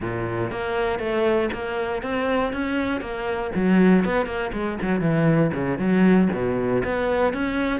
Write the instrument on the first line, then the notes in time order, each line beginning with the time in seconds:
cello
0.00 A#2
0.51 A#3
0.99 A3
1.52 A#3
2.02 C4
2.53 C#4
3.00 A#3
3.55 F#3
4.05 B3
4.25 A#3
4.52 G#3
4.81 F#3
5.01 E3
5.53 C#3
5.78 F#3
6.33 B2
6.84 B3
7.33 C#4